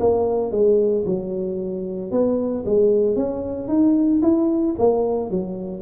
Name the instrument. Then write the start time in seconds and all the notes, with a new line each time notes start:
tuba
0.00 A#3
0.51 G#3
1.06 F#3
2.11 B3
2.66 G#3
3.16 C#4
3.68 D#4
4.22 E4
4.79 A#3
5.31 F#3